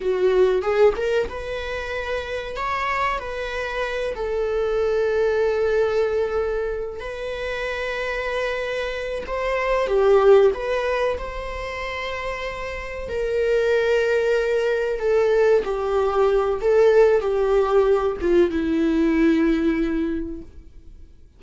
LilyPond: \new Staff \with { instrumentName = "viola" } { \time 4/4 \tempo 4 = 94 fis'4 gis'8 ais'8 b'2 | cis''4 b'4. a'4.~ | a'2. b'4~ | b'2~ b'8 c''4 g'8~ |
g'8 b'4 c''2~ c''8~ | c''8 ais'2. a'8~ | a'8 g'4. a'4 g'4~ | g'8 f'8 e'2. | }